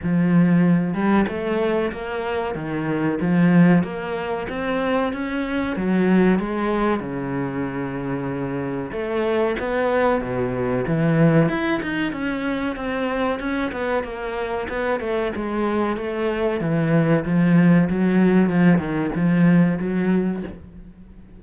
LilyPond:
\new Staff \with { instrumentName = "cello" } { \time 4/4 \tempo 4 = 94 f4. g8 a4 ais4 | dis4 f4 ais4 c'4 | cis'4 fis4 gis4 cis4~ | cis2 a4 b4 |
b,4 e4 e'8 dis'8 cis'4 | c'4 cis'8 b8 ais4 b8 a8 | gis4 a4 e4 f4 | fis4 f8 dis8 f4 fis4 | }